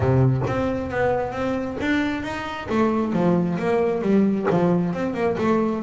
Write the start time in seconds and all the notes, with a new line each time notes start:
0.00 C3
0.47 C4
0.90 B3
1.32 C4
1.80 D4
2.22 D#4
2.69 A3
3.12 F3
3.58 A#3
4.01 G3
4.50 F3
4.93 C4
5.14 A#3
5.38 A3